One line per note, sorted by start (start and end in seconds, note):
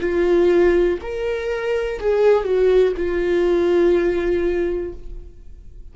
0.00 0.98 F4
1.01 2.00 A#4
2.00 2.44 G#4
2.44 2.93 F#4
2.96 4.93 F4